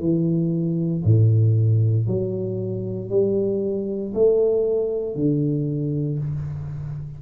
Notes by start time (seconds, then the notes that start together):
0.00 E3
1.04 A2
2.07 F#3
3.10 G3
4.14 A3
5.15 D3